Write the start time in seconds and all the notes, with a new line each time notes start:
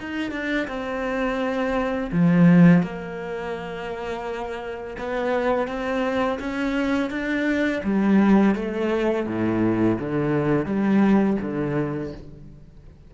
0.00 D#4
0.31 D4
0.68 C4
2.12 F3
2.83 A#3
4.98 B3
5.68 C4
6.40 C#4
7.10 D4
7.84 G3
8.55 A3
9.27 A2
10.00 D3
10.66 G3
11.42 D3